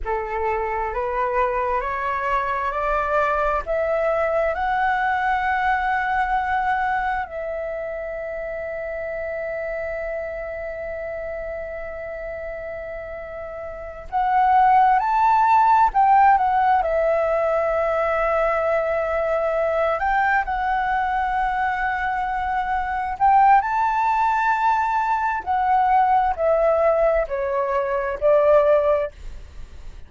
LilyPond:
\new Staff \with { instrumentName = "flute" } { \time 4/4 \tempo 4 = 66 a'4 b'4 cis''4 d''4 | e''4 fis''2. | e''1~ | e''2.~ e''8 fis''8~ |
fis''8 a''4 g''8 fis''8 e''4.~ | e''2 g''8 fis''4.~ | fis''4. g''8 a''2 | fis''4 e''4 cis''4 d''4 | }